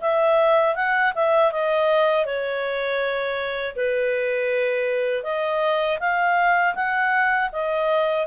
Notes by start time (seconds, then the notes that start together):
0.00 E5
0.75 F#5
1.15 E5
1.51 D#5
2.25 C#5
3.75 B4
5.23 D#5
5.99 F5
6.75 F#5
7.52 D#5